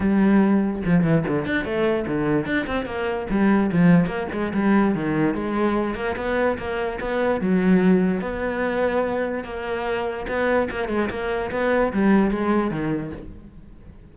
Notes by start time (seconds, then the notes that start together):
0.00 G3
0.85 F3
1.03 E3
1.27 D3
1.45 D4
1.64 A3
2.07 D3
2.45 D4
2.67 C4
2.85 A#3
3.30 G3
3.72 F3
4.06 A#3
4.32 G#3
4.53 G3
4.94 D#3
5.34 G#3
5.95 A#3
6.16 B3
6.58 A#3
7.00 B3
7.40 F#3
8.20 B3
9.44 A#3
10.27 B3
10.70 A#3
10.88 G#3
11.09 A#3
11.51 B3
11.92 G3
12.30 G#3
12.70 D#3